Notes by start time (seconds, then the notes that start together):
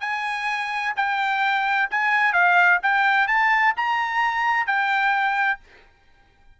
0.00 G#5
0.96 G5
1.90 G#5
2.33 F5
2.82 G5
3.27 A5
3.76 A#5
4.66 G5